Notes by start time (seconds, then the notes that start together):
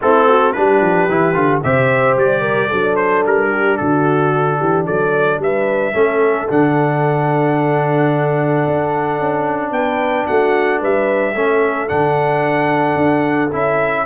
0.01 A3 C4 E4 A4
0.28 F#4
0.52 G3 D4 G4 B4
0.81 F3
1.09 E3 E4
1.34 D3 F4
1.63 C3 G4 C5 E5
2.16 G3 D5
2.41 A#4
2.67 F#3 D4 A4
2.96 C5
3.25 G3 A#4
3.51 G4
3.77 D3 F#4 A4
4.58 E3 G4
4.85 F#3 A4 D5
5.38 G3 B4 E5
5.93 A3 C#4 A4
6.48 D3 D4 F#5
8.66 D4
9.19 C#4
9.71 B3 B4 G5
10.26 A3 F#4 F#5
10.79 G3 B4 E5
11.35 A3 C#4 A4
11.87 D3 D4 F#5
12.95 D4
13.52 C#4 E4 E5